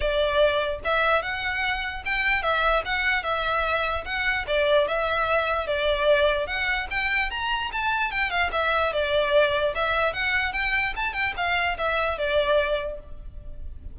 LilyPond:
\new Staff \with { instrumentName = "violin" } { \time 4/4 \tempo 4 = 148 d''2 e''4 fis''4~ | fis''4 g''4 e''4 fis''4 | e''2 fis''4 d''4 | e''2 d''2 |
fis''4 g''4 ais''4 a''4 | g''8 f''8 e''4 d''2 | e''4 fis''4 g''4 a''8 g''8 | f''4 e''4 d''2 | }